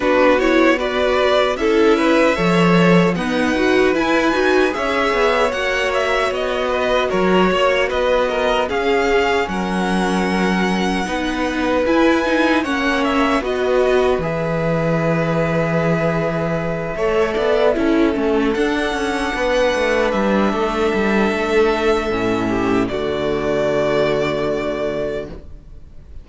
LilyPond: <<
  \new Staff \with { instrumentName = "violin" } { \time 4/4 \tempo 4 = 76 b'8 cis''8 d''4 e''2 | fis''4 gis''4 e''4 fis''8 e''8 | dis''4 cis''4 dis''4 f''4 | fis''2. gis''4 |
fis''8 e''8 dis''4 e''2~ | e''2.~ e''8 fis''8~ | fis''4. e''2~ e''8~ | e''4 d''2. | }
  \new Staff \with { instrumentName = "violin" } { \time 4/4 fis'4 b'4 a'8 b'8 cis''4 | b'2 cis''2~ | cis''8 b'8 ais'8 cis''8 b'8 ais'8 gis'4 | ais'2 b'2 |
cis''4 b'2.~ | b'4. cis''8 d''8 a'4.~ | a'8 b'4. a'2~ | a'8 g'8 fis'2. | }
  \new Staff \with { instrumentName = "viola" } { \time 4/4 d'8 e'8 fis'4 e'4 a'4 | b8 fis'8 e'8 fis'8 gis'4 fis'4~ | fis'2. cis'4~ | cis'2 dis'4 e'8 dis'8 |
cis'4 fis'4 gis'2~ | gis'4. a'4 e'8 cis'8 d'8~ | d'1 | cis'4 a2. | }
  \new Staff \with { instrumentName = "cello" } { \time 4/4 b2 cis'4 f4 | dis'4 e'8 dis'8 cis'8 b8 ais4 | b4 fis8 ais8 b4 cis'4 | fis2 b4 e'4 |
ais4 b4 e2~ | e4. a8 b8 cis'8 a8 d'8 | cis'8 b8 a8 g8 a8 g8 a4 | a,4 d2. | }
>>